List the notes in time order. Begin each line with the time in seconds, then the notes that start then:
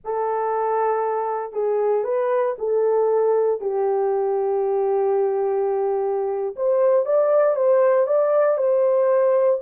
0.04 A4
1.52 G#4
2.03 B4
2.58 A4
3.60 G4
6.55 C5
7.05 D5
7.55 C5
8.06 D5
8.57 C5